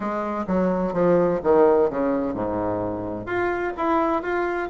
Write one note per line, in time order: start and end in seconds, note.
0.00 0.45 G#3
0.47 0.93 F#3
0.93 1.40 F3
1.43 1.90 D#3
1.90 2.34 C#3
2.34 3.26 G#2
3.26 3.72 F4
3.77 4.22 E4
4.22 4.69 F4